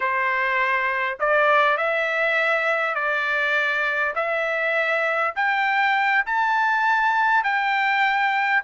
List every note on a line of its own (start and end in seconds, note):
0.00 1.18 C5
1.19 1.77 D5
1.77 2.94 E5
2.94 4.13 D5
4.15 5.34 E5
5.35 6.24 G5
6.26 7.43 A5
7.43 8.62 G5